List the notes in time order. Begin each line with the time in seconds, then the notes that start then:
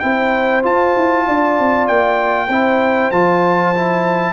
0.00 C4 E4 C5 G5
0.63 F4 A5
0.97 E4
1.26 D4 D5
1.59 C4
1.87 A#3 G5
2.48 C4 E4 C5
3.11 F3 F4 A5
3.75 E4